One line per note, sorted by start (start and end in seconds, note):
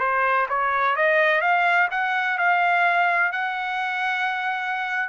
0.00 0.47 C5
0.49 0.96 C#5
0.96 1.42 D#5
1.42 1.89 F5
1.91 2.38 F#5
2.38 3.32 F5
3.32 5.09 F#5